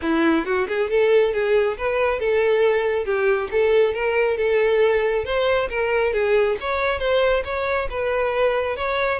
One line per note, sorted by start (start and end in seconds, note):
0.02 0.45 E4
0.45 0.67 F#4
0.67 0.89 G#4
0.90 1.33 A4
1.33 1.77 G#4
1.77 2.19 B4
2.19 3.05 A4
3.05 3.48 G4
3.51 3.94 A4
3.94 4.37 A#4
4.37 5.25 A4
5.25 5.68 C5
5.69 6.13 A#4
6.13 6.57 G#4
6.60 6.99 C#5
6.99 7.43 C5
7.44 7.88 C#5
7.90 8.76 B4
8.76 9.19 C#5